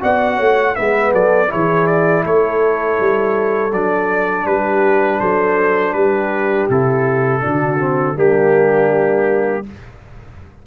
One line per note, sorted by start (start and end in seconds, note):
0.00 0.39 B3
0.00 0.74 F#4
0.00 0.36 D5
0.00 0.75 F#5
0.36 0.76 A3
0.36 0.73 C#5
0.74 1.13 G#3
0.74 1.48 B3
0.74 1.12 B4
0.74 1.12 E5
1.12 1.50 F#3
1.12 1.50 A4
1.12 1.51 D5
1.48 2.24 E3
1.48 3.70 E4
1.48 2.24 G#4
1.48 1.86 C#5
1.86 2.23 D5
2.24 2.98 A3
2.24 4.47 A4
2.24 3.72 C#5
2.99 3.72 G3
3.72 4.45 F#3
3.72 6.71 D4
3.72 4.46 D5
4.45 5.19 G3
4.45 5.20 G4
4.45 5.20 B4
5.20 5.93 F#3
5.20 5.94 A4
5.20 5.93 C5
5.93 6.67 G3
5.93 7.42 G4
5.93 6.67 B4
6.69 7.43 C3
6.69 7.40 E4
6.69 8.18 A4
7.40 8.16 D3
7.40 7.77 D4
7.40 8.16 F#4
7.79 8.15 C4
8.15 9.64 G3
8.15 9.63 A#3
8.15 9.64 D4
8.15 9.66 G4